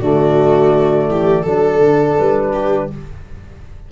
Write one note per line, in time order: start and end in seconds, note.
0.00 1.08 D3
0.00 1.46 A3
0.00 1.08 F#4
0.00 1.45 D5
1.08 1.44 E3
1.08 1.42 G4
1.42 1.79 F#3
1.42 2.91 D4
1.42 2.51 A4
1.42 2.19 A4
1.79 2.16 D3
2.19 2.92 G3
2.19 2.91 B4
2.53 2.89 G4